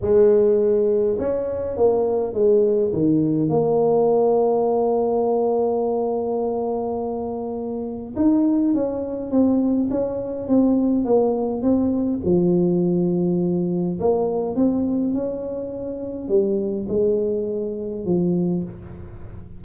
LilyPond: \new Staff \with { instrumentName = "tuba" } { \time 4/4 \tempo 4 = 103 gis2 cis'4 ais4 | gis4 dis4 ais2~ | ais1~ | ais2 dis'4 cis'4 |
c'4 cis'4 c'4 ais4 | c'4 f2. | ais4 c'4 cis'2 | g4 gis2 f4 | }